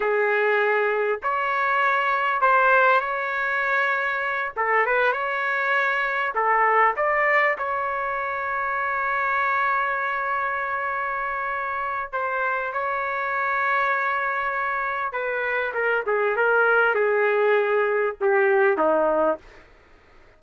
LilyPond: \new Staff \with { instrumentName = "trumpet" } { \time 4/4 \tempo 4 = 99 gis'2 cis''2 | c''4 cis''2~ cis''8 a'8 | b'8 cis''2 a'4 d''8~ | d''8 cis''2.~ cis''8~ |
cis''1 | c''4 cis''2.~ | cis''4 b'4 ais'8 gis'8 ais'4 | gis'2 g'4 dis'4 | }